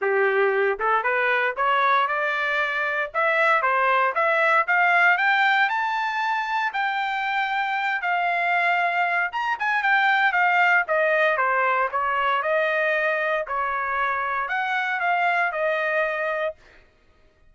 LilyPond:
\new Staff \with { instrumentName = "trumpet" } { \time 4/4 \tempo 4 = 116 g'4. a'8 b'4 cis''4 | d''2 e''4 c''4 | e''4 f''4 g''4 a''4~ | a''4 g''2~ g''8 f''8~ |
f''2 ais''8 gis''8 g''4 | f''4 dis''4 c''4 cis''4 | dis''2 cis''2 | fis''4 f''4 dis''2 | }